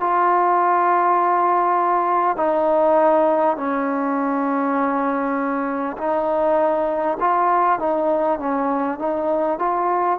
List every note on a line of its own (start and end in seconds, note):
0.00 2.37 F4
2.37 3.57 D#4
3.57 5.97 C#4
5.97 7.17 D#4
7.20 7.79 F4
7.79 8.39 D#4
8.39 8.99 C#4
8.99 9.59 D#4
9.59 10.19 F4